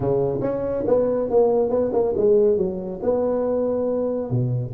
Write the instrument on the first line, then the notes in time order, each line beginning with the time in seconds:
tuba
0.00 C#3
0.41 C#4
0.87 B3
1.30 A#3
1.69 B3
1.92 A#3
2.16 G#3
2.57 F#3
3.02 B3
4.30 B2